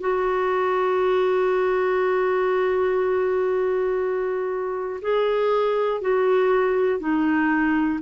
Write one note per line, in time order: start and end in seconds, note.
0.00 5.00 F#4
5.01 6.00 G#4
6.00 6.99 F#4
6.99 7.99 D#4